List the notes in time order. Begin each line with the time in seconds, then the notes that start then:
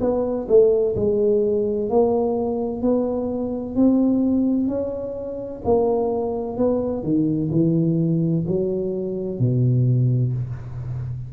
0.00 B3
0.48 A3
0.95 G#3
1.89 A#3
2.82 B3
3.75 C4
4.67 C#4
5.64 A#3
6.57 B3
7.03 D#3
7.51 E3
8.47 F#3
9.39 B2